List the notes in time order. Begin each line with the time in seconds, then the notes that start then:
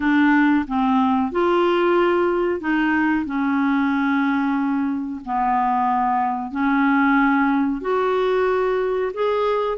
0.00 D4
0.67 C4
1.31 F4
2.60 D#4
3.25 C#4
5.25 B3
6.51 C#4
7.81 F#4
9.13 G#4